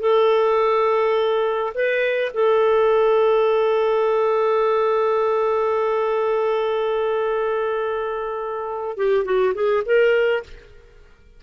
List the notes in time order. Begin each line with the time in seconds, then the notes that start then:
0.00 A4
1.74 B4
2.34 A4
8.97 G4
9.25 F#4
9.54 G#4
9.85 A#4